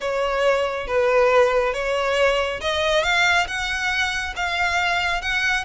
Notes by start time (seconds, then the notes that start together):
0.00 C#5
0.87 B4
1.73 C#5
2.60 D#5
3.03 F5
3.47 F#5
4.36 F5
5.21 F#5